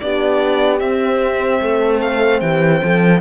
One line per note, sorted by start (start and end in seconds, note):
0.00 0.81 B3
0.00 0.80 D4
0.00 1.61 G4
0.00 0.79 D5
0.79 3.20 C4
0.79 1.61 C4
0.79 1.99 E5
1.61 2.41 A3
1.61 2.41 A4
2.01 2.40 F5
2.40 2.81 E3
2.40 2.81 G4
2.40 3.20 G5
2.82 3.21 F3
2.82 3.21 A4